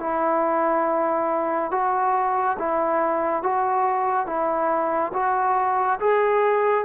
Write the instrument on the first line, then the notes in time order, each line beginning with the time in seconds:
trombone
0.00 E4
1.72 F#4
2.59 E4
3.43 F#4
4.27 E4
5.14 F#4
6.00 G#4